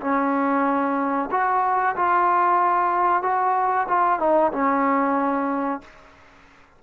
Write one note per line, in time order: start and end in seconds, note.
0.00 1.29 C#4
1.30 1.95 F#4
1.96 3.22 F4
3.22 3.87 F#4
3.88 4.19 F4
4.19 4.51 D#4
4.52 5.81 C#4